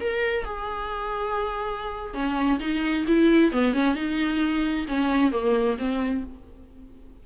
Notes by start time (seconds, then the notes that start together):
0.00 A#4
0.45 G#4
2.13 C#4
2.59 D#4
3.07 E4
3.52 B3
3.73 C#4
3.95 D#4
4.87 C#4
5.32 A#3
5.78 C4